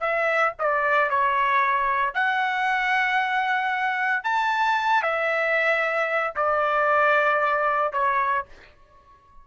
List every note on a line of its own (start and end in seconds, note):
0.00 0.53 E5
0.59 1.10 D5
1.10 2.14 C#5
2.14 4.23 F#5
4.23 5.02 A5
5.02 6.34 E5
6.35 7.93 D5
7.93 8.45 C#5